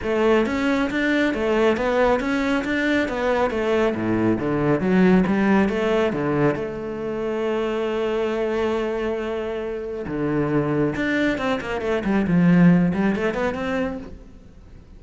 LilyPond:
\new Staff \with { instrumentName = "cello" } { \time 4/4 \tempo 4 = 137 a4 cis'4 d'4 a4 | b4 cis'4 d'4 b4 | a4 a,4 d4 fis4 | g4 a4 d4 a4~ |
a1~ | a2. d4~ | d4 d'4 c'8 ais8 a8 g8 | f4. g8 a8 b8 c'4 | }